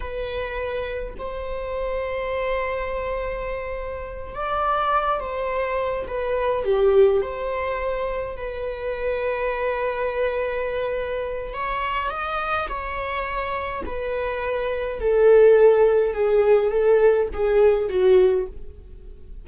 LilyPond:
\new Staff \with { instrumentName = "viola" } { \time 4/4 \tempo 4 = 104 b'2 c''2~ | c''2.~ c''8 d''8~ | d''4 c''4. b'4 g'8~ | g'8 c''2 b'4.~ |
b'1 | cis''4 dis''4 cis''2 | b'2 a'2 | gis'4 a'4 gis'4 fis'4 | }